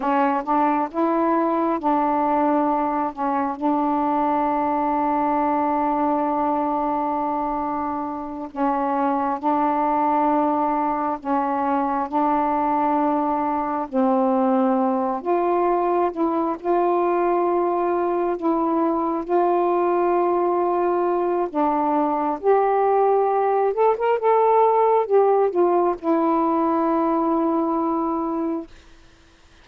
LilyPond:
\new Staff \with { instrumentName = "saxophone" } { \time 4/4 \tempo 4 = 67 cis'8 d'8 e'4 d'4. cis'8 | d'1~ | d'4. cis'4 d'4.~ | d'8 cis'4 d'2 c'8~ |
c'4 f'4 e'8 f'4.~ | f'8 e'4 f'2~ f'8 | d'4 g'4. a'16 ais'16 a'4 | g'8 f'8 e'2. | }